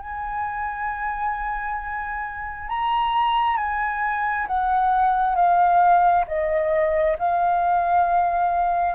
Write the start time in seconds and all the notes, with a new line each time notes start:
0.00 G#5
2.69 A#5
3.57 G#5
4.47 F#5
5.35 F5
6.28 D#5
7.18 F5